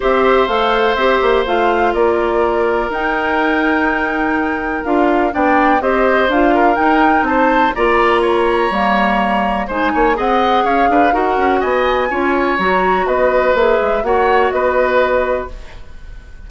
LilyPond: <<
  \new Staff \with { instrumentName = "flute" } { \time 4/4 \tempo 4 = 124 e''4 f''4 e''4 f''4 | d''2 g''2~ | g''2 f''4 g''4 | dis''4 f''4 g''4 a''4 |
ais''1 | gis''4 fis''4 f''4 fis''4 | gis''2 ais''4 dis''4 | e''4 fis''4 dis''2 | }
  \new Staff \with { instrumentName = "oboe" } { \time 4/4 c''1 | ais'1~ | ais'2. d''4 | c''4. ais'4. c''4 |
d''4 cis''2. | c''8 cis''8 dis''4 cis''8 b'8 ais'4 | dis''4 cis''2 b'4~ | b'4 cis''4 b'2 | }
  \new Staff \with { instrumentName = "clarinet" } { \time 4/4 g'4 a'4 g'4 f'4~ | f'2 dis'2~ | dis'2 f'4 d'4 | g'4 f'4 dis'2 |
f'2 ais2 | dis'4 gis'2 fis'4~ | fis'4 f'4 fis'2 | gis'4 fis'2. | }
  \new Staff \with { instrumentName = "bassoon" } { \time 4/4 c'4 a4 c'8 ais8 a4 | ais2 dis'2~ | dis'2 d'4 b4 | c'4 d'4 dis'4 c'4 |
ais2 g2 | gis8 ais8 c'4 cis'8 d'8 dis'8 cis'8 | b4 cis'4 fis4 b4 | ais8 gis8 ais4 b2 | }
>>